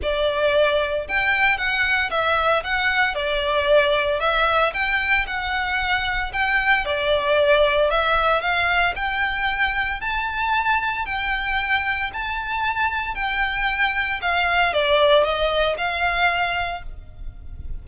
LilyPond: \new Staff \with { instrumentName = "violin" } { \time 4/4 \tempo 4 = 114 d''2 g''4 fis''4 | e''4 fis''4 d''2 | e''4 g''4 fis''2 | g''4 d''2 e''4 |
f''4 g''2 a''4~ | a''4 g''2 a''4~ | a''4 g''2 f''4 | d''4 dis''4 f''2 | }